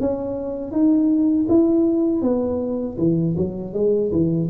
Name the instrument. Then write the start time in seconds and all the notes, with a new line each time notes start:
tuba
0.00 C#4
0.71 D#4
1.49 E4
2.22 B3
2.98 E3
3.37 F#3
3.73 G#3
4.11 E3